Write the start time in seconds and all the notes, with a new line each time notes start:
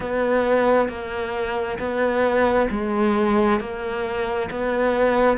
0.00 B3
0.88 A#3
1.79 B3
2.70 G#3
3.59 A#3
4.50 B3